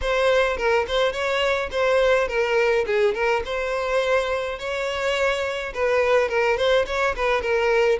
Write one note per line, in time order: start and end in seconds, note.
0.01 0.57 C5
0.57 0.85 A#4
0.87 1.12 C5
1.12 1.69 C#5
1.71 2.28 C5
2.28 2.85 A#4
2.86 3.14 G#4
3.14 3.43 A#4
3.45 4.58 C5
4.58 5.73 C#5
5.74 6.29 B4
6.29 6.57 A#4
6.57 6.85 C5
6.86 7.15 C#5
7.15 7.41 B4
7.41 7.98 A#4